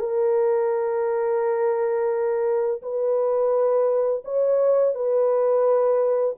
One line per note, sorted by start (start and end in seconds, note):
0.00 2.82 A#4
2.83 4.24 B4
4.25 4.95 C#5
4.95 6.37 B4